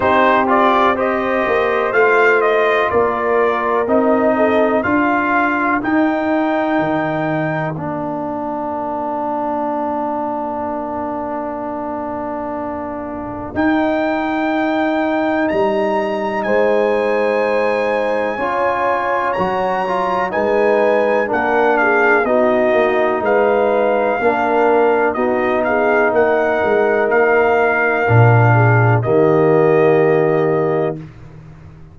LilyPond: <<
  \new Staff \with { instrumentName = "trumpet" } { \time 4/4 \tempo 4 = 62 c''8 d''8 dis''4 f''8 dis''8 d''4 | dis''4 f''4 g''2 | f''1~ | f''2 g''2 |
ais''4 gis''2. | ais''4 gis''4 fis''8 f''8 dis''4 | f''2 dis''8 f''8 fis''4 | f''2 dis''2 | }
  \new Staff \with { instrumentName = "horn" } { \time 4/4 g'4 c''2 ais'4~ | ais'8 a'8 ais'2.~ | ais'1~ | ais'1~ |
ais'4 c''2 cis''4~ | cis''4 b'4 ais'8 gis'8 fis'4 | b'4 ais'4 fis'8 gis'8 ais'4~ | ais'4. gis'8 g'2 | }
  \new Staff \with { instrumentName = "trombone" } { \time 4/4 dis'8 f'8 g'4 f'2 | dis'4 f'4 dis'2 | d'1~ | d'2 dis'2~ |
dis'2. f'4 | fis'8 f'8 dis'4 d'4 dis'4~ | dis'4 d'4 dis'2~ | dis'4 d'4 ais2 | }
  \new Staff \with { instrumentName = "tuba" } { \time 4/4 c'4. ais8 a4 ais4 | c'4 d'4 dis'4 dis4 | ais1~ | ais2 dis'2 |
g4 gis2 cis'4 | fis4 gis4 ais4 b8 ais8 | gis4 ais4 b4 ais8 gis8 | ais4 ais,4 dis2 | }
>>